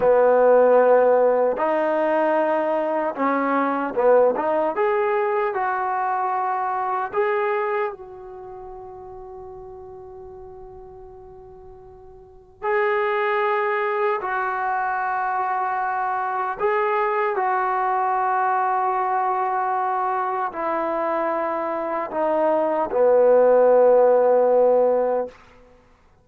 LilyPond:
\new Staff \with { instrumentName = "trombone" } { \time 4/4 \tempo 4 = 76 b2 dis'2 | cis'4 b8 dis'8 gis'4 fis'4~ | fis'4 gis'4 fis'2~ | fis'1 |
gis'2 fis'2~ | fis'4 gis'4 fis'2~ | fis'2 e'2 | dis'4 b2. | }